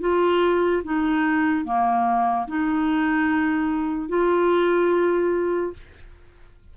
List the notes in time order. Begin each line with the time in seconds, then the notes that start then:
0.00 F4
0.84 D#4
1.64 A#3
2.47 D#4
4.09 F4